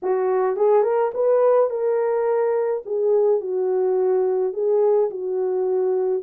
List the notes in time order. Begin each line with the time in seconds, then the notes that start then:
0.02 F#4
0.56 G#4
0.83 A#4
1.13 B4
1.70 A#4
2.85 G#4
3.40 F#4
4.53 G#4
5.10 F#4